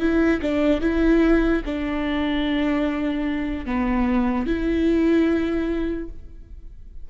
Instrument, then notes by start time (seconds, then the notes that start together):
viola
0.00 E4
0.42 D4
0.81 E4
1.65 D4
3.66 B3
4.47 E4